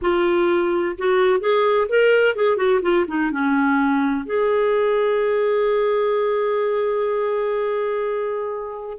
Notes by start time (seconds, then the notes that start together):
0.01 F4
0.98 F#4
1.39 G#4
1.88 A#4
2.35 G#4
2.56 F#4
2.82 F4
3.07 D#4
3.31 C#4
4.25 G#4